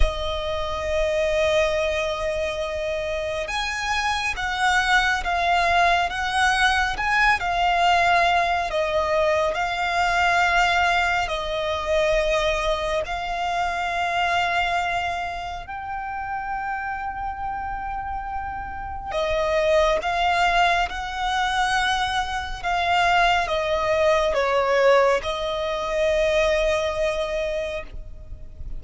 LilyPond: \new Staff \with { instrumentName = "violin" } { \time 4/4 \tempo 4 = 69 dis''1 | gis''4 fis''4 f''4 fis''4 | gis''8 f''4. dis''4 f''4~ | f''4 dis''2 f''4~ |
f''2 g''2~ | g''2 dis''4 f''4 | fis''2 f''4 dis''4 | cis''4 dis''2. | }